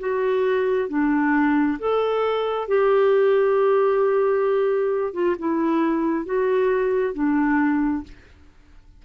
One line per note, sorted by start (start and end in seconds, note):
0.00 0.89 F#4
0.89 1.79 D4
1.80 2.68 A4
2.68 5.14 G4
5.14 5.36 F4
5.39 6.26 E4
6.26 7.14 F#4
7.14 8.04 D4